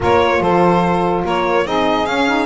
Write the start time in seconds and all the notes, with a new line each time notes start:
0.00 A#3 F4 A#4 C#5
0.40 F3 A4 C5
1.24 A#3 A#4 C#5
1.65 C4 D#4 G#4 D#5
2.06 C#4 F5
2.27 D#4